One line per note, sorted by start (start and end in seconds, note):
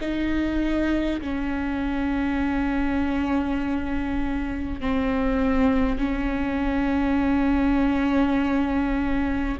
0.00 1.20 D#4
1.21 4.81 C#4
4.81 5.98 C4
5.98 9.58 C#4